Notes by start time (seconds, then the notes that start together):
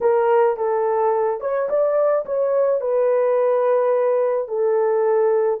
0.00 A#4
0.56 A4
1.40 C#5
1.69 D5
2.25 C#5
2.80 B4
4.48 A4